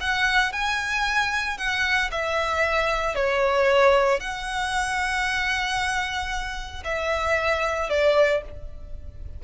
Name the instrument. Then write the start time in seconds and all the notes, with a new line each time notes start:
violin
0.00 F#5
0.52 G#5
1.57 F#5
2.11 E5
3.15 C#5
4.20 F#5
6.84 E5
7.89 D5